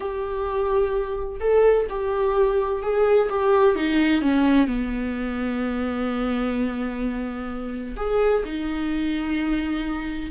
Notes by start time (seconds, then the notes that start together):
0.00 G4
1.39 A4
1.89 G4
2.82 G#4
3.29 G4
3.75 D#4
4.21 C#4
4.67 B3
7.96 G#4
8.44 D#4